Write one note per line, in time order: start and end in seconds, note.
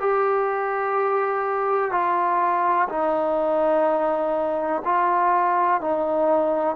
0.00 1.91 G4
1.91 2.88 F4
2.89 4.82 D#4
4.85 5.81 F4
5.81 6.76 D#4